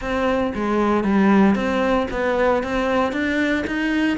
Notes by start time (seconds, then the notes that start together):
0.01 C4
0.55 G#3
1.04 G3
1.55 C4
2.11 B3
2.63 C4
3.12 D4
3.66 D#4